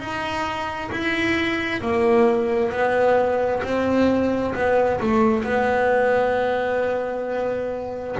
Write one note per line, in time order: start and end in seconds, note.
0.00 0.91 D#4
0.92 1.81 E4
1.81 2.71 A#3
2.71 3.62 B3
3.63 4.54 C4
4.55 5.00 B3
5.00 5.44 A3
5.44 8.17 B3